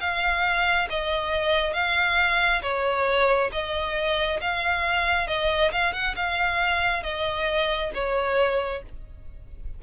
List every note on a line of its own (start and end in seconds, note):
0.00 0.88 F5
0.90 1.73 D#5
1.73 2.61 F5
2.62 3.51 C#5
3.52 4.40 D#5
4.41 5.27 F5
5.27 5.72 D#5
5.72 5.93 F5
5.93 6.15 F#5
6.16 7.03 F5
7.03 7.91 D#5
7.94 8.82 C#5